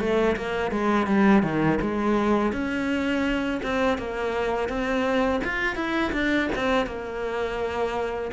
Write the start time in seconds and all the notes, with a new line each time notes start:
0.00 A3
0.36 A#3
0.71 G#3
1.07 G3
1.43 D#3
1.81 G#3
2.52 C#4
3.63 C4
3.98 A#3
4.69 C4
5.44 F4
5.76 E4
6.12 D4
6.56 C4
6.87 A#3